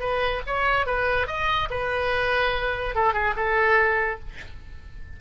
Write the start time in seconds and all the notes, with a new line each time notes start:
0.00 B4
0.47 C#5
0.86 B4
1.27 D#5
1.71 B4
2.95 A4
3.14 G#4
3.37 A4